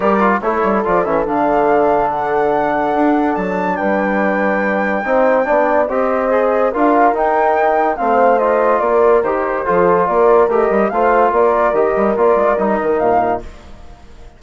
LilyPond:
<<
  \new Staff \with { instrumentName = "flute" } { \time 4/4 \tempo 4 = 143 d''4 cis''4 d''8 e''8 f''4~ | f''4 fis''2. | a''4 g''2.~ | g''2 dis''2 |
f''4 g''2 f''4 | dis''4 d''4 c''2 | d''4 dis''4 f''4 d''4 | dis''4 d''4 dis''4 f''4 | }
  \new Staff \with { instrumentName = "horn" } { \time 4/4 ais'4 a'2.~ | a'1~ | a'4 b'2. | c''4 d''4 c''2 |
ais'2. c''4~ | c''4 ais'2 a'4 | ais'2 c''4 ais'4~ | ais'1 | }
  \new Staff \with { instrumentName = "trombone" } { \time 4/4 g'8 f'8 e'4 f'8 cis'8 d'4~ | d'1~ | d'1 | dis'4 d'4 g'4 gis'4 |
f'4 dis'2 c'4 | f'2 g'4 f'4~ | f'4 g'4 f'2 | g'4 f'4 dis'2 | }
  \new Staff \with { instrumentName = "bassoon" } { \time 4/4 g4 a8 g8 f8 e8 d4~ | d2. d'4 | fis4 g2. | c'4 b4 c'2 |
d'4 dis'2 a4~ | a4 ais4 dis4 f4 | ais4 a8 g8 a4 ais4 | dis8 g8 ais8 gis8 g8 dis8 ais,4 | }
>>